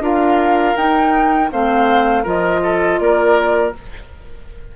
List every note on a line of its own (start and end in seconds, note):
0.00 0.74 D4
0.00 0.76 F4
0.00 1.51 A#4
0.00 0.77 F5
0.76 1.50 D#4
0.76 1.51 D#4
0.76 1.51 G5
1.51 2.26 A3
1.51 2.24 C4
1.51 2.23 C5
1.51 2.26 F5
2.23 2.99 F3
2.23 3.73 F4
2.23 2.60 A#4
2.23 2.99 D#5
2.63 3.00 A4
2.99 3.73 A#3
2.99 3.76 A#4
2.99 3.73 D5